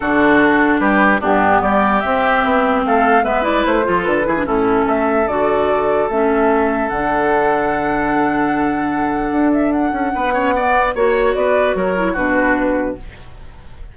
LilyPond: <<
  \new Staff \with { instrumentName = "flute" } { \time 4/4 \tempo 4 = 148 a'2 b'4 g'4 | d''4 e''2 f''4 | e''8 d''8 c''4 b'4 a'4 | e''4 d''2 e''4~ |
e''4 fis''2.~ | fis''2.~ fis''8 e''8 | fis''2. cis''4 | d''4 cis''4 b'2 | }
  \new Staff \with { instrumentName = "oboe" } { \time 4/4 fis'2 g'4 d'4 | g'2. a'4 | b'4. a'4 gis'8 e'4 | a'1~ |
a'1~ | a'1~ | a'4 b'8 cis''8 d''4 cis''4 | b'4 ais'4 fis'2 | }
  \new Staff \with { instrumentName = "clarinet" } { \time 4/4 d'2. b4~ | b4 c'2. | b8 e'4 f'4 e'16 d'16 cis'4~ | cis'4 fis'2 cis'4~ |
cis'4 d'2.~ | d'1~ | d'4. cis'8 b4 fis'4~ | fis'4. e'8 d'2 | }
  \new Staff \with { instrumentName = "bassoon" } { \time 4/4 d2 g4 g,4 | g4 c'4 b4 a4 | gis4 a8 f8 d8 e8 a,4 | a4 d2 a4~ |
a4 d2.~ | d2. d'4~ | d'8 cis'8 b2 ais4 | b4 fis4 b,2 | }
>>